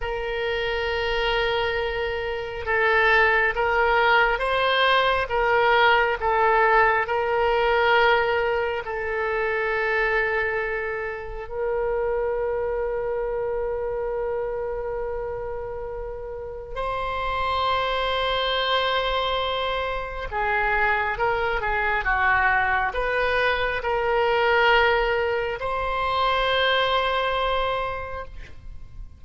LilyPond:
\new Staff \with { instrumentName = "oboe" } { \time 4/4 \tempo 4 = 68 ais'2. a'4 | ais'4 c''4 ais'4 a'4 | ais'2 a'2~ | a'4 ais'2.~ |
ais'2. c''4~ | c''2. gis'4 | ais'8 gis'8 fis'4 b'4 ais'4~ | ais'4 c''2. | }